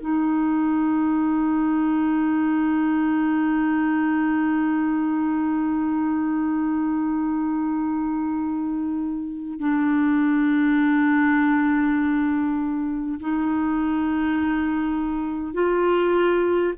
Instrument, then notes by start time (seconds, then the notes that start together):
clarinet
0.00 D#4
9.59 D4
13.20 D#4
15.53 F4